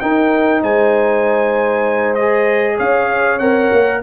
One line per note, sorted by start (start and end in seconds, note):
0.00 2.18 D#4
0.00 0.62 D#4
0.00 0.62 A#4
0.00 0.62 G5
0.62 2.79 G#3
0.62 2.77 C5
0.62 2.15 G#5
2.15 3.40 G#4
2.15 2.77 D#5
2.77 3.40 C#4
2.77 4.00 C#5
2.77 3.39 F5
3.39 3.71 C4
3.39 4.02 A#4
3.39 4.01 F#5
3.73 4.02 A#3